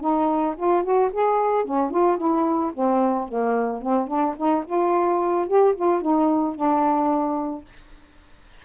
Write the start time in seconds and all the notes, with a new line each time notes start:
0.00 D#4
0.56 F4
0.83 F#4
1.12 G#4
1.64 C#4
1.90 F4
2.17 E4
2.73 C4
3.28 A#3
3.82 C4
4.07 D4
4.37 D#4
4.66 F4
5.47 G4
5.75 F4
6.01 D#4
6.55 D4